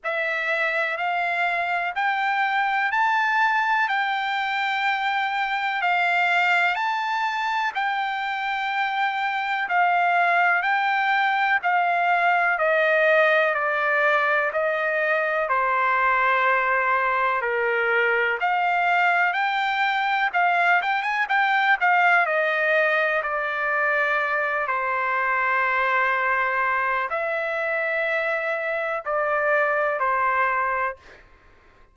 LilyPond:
\new Staff \with { instrumentName = "trumpet" } { \time 4/4 \tempo 4 = 62 e''4 f''4 g''4 a''4 | g''2 f''4 a''4 | g''2 f''4 g''4 | f''4 dis''4 d''4 dis''4 |
c''2 ais'4 f''4 | g''4 f''8 g''16 gis''16 g''8 f''8 dis''4 | d''4. c''2~ c''8 | e''2 d''4 c''4 | }